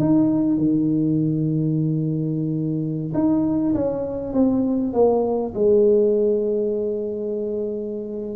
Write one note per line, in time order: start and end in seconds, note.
0.00 0.58 D#4
0.58 3.13 D#3
3.14 3.74 D#4
3.74 4.34 C#4
4.34 4.93 C4
4.93 5.53 A#3
5.54 8.36 G#3